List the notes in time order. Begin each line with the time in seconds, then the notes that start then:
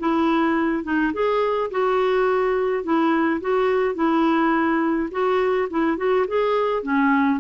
0.00 E4
0.84 D#4
1.14 G#4
1.71 F#4
2.84 E4
3.41 F#4
3.95 E4
5.12 F#4
5.70 E4
5.98 F#4
6.28 G#4
6.83 C#4